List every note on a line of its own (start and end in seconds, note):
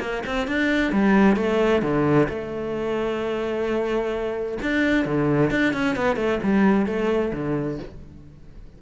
0.00 0.23 A#3
0.26 0.47 C4
0.47 0.92 D4
0.92 1.36 G3
1.36 1.82 A3
1.82 2.28 D3
2.29 4.58 A3
4.62 5.05 D4
5.05 5.51 D3
5.51 5.73 D4
5.73 5.96 C#4
5.96 6.16 B3
6.16 6.39 A3
6.43 6.86 G3
6.86 7.32 A3
7.33 7.79 D3